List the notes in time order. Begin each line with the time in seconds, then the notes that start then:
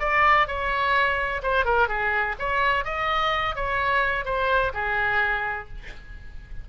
0.00 D5
0.47 C#5
1.42 C5
1.65 A#4
1.88 G#4
2.39 C#5
2.85 D#5
3.55 C#5
4.25 C5
4.74 G#4